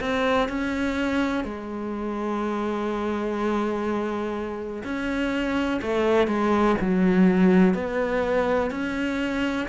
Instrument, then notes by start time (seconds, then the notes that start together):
cello
0.00 C4
0.49 C#4
1.44 G#3
4.84 C#4
5.82 A3
6.27 G#3
6.81 F#3
7.74 B3
8.71 C#4